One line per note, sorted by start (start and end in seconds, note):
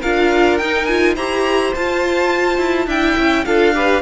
0.00 0.60 D4
0.00 0.61 F4
0.00 1.14 A#4
0.00 0.57 F5
0.57 1.16 D#4
0.57 0.88 D#4
0.57 0.85 G5
0.85 1.17 F4
0.85 1.14 G#5
1.15 1.73 E4
1.15 1.75 G4
1.15 2.86 C5
1.15 1.73 A#5
1.75 2.58 F4
1.75 2.88 F4
1.75 2.89 A5
2.58 2.86 E4
2.86 3.15 D4
2.86 3.45 E4
2.86 3.44 E5
2.86 3.45 G5
3.17 3.46 C#4
3.45 4.02 D4
3.45 3.73 F4
3.45 3.75 A4
3.45 4.02 F5
3.73 4.02 G4
3.73 4.02 B4